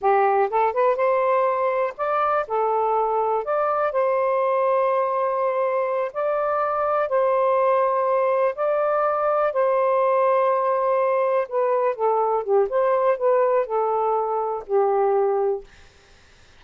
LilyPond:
\new Staff \with { instrumentName = "saxophone" } { \time 4/4 \tempo 4 = 123 g'4 a'8 b'8 c''2 | d''4 a'2 d''4 | c''1~ | c''8 d''2 c''4.~ |
c''4. d''2 c''8~ | c''2.~ c''8 b'8~ | b'8 a'4 g'8 c''4 b'4 | a'2 g'2 | }